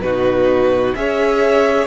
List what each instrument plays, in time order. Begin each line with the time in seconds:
0.00 cello B2, viola D#4, violin F#4 B4
0.95 cello C#4, viola G#4, violin C#5 E5